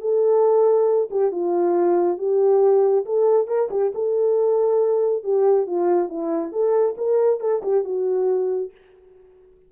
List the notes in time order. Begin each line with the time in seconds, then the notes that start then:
0.00 A4
1.10 G4
1.31 F4
2.18 G4
3.05 A4
3.47 A#4
3.70 G4
3.94 A4
5.23 G4
5.66 F4
6.09 E4
6.52 A4
6.97 A#4
7.40 A4
7.62 G4
7.84 F#4